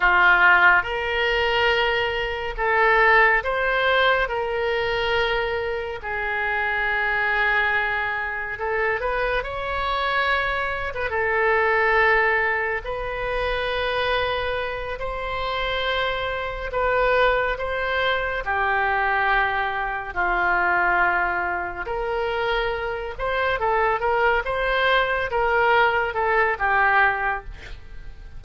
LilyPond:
\new Staff \with { instrumentName = "oboe" } { \time 4/4 \tempo 4 = 70 f'4 ais'2 a'4 | c''4 ais'2 gis'4~ | gis'2 a'8 b'8 cis''4~ | cis''8. b'16 a'2 b'4~ |
b'4. c''2 b'8~ | b'8 c''4 g'2 f'8~ | f'4. ais'4. c''8 a'8 | ais'8 c''4 ais'4 a'8 g'4 | }